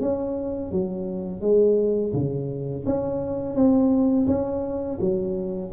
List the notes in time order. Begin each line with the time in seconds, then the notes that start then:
0.00 C#4
0.71 F#3
1.41 G#3
2.14 C#3
2.86 C#4
3.55 C4
4.27 C#4
5.00 F#3